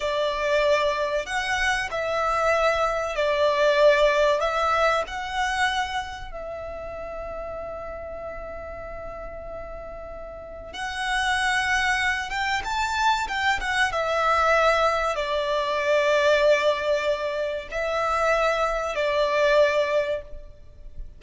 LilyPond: \new Staff \with { instrumentName = "violin" } { \time 4/4 \tempo 4 = 95 d''2 fis''4 e''4~ | e''4 d''2 e''4 | fis''2 e''2~ | e''1~ |
e''4 fis''2~ fis''8 g''8 | a''4 g''8 fis''8 e''2 | d''1 | e''2 d''2 | }